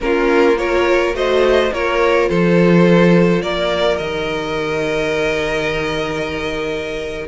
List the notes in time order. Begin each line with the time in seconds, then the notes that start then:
0.00 A#3 C#4 F4 A#4
0.56 F4 A#4 C#5
1.13 A3 F#4 C5 D#5
1.72 A#3 F4 A#4 C#5
2.28 F3 A4 C5
3.42 A#3 A#4 D5
3.97 D#3 G4 D#5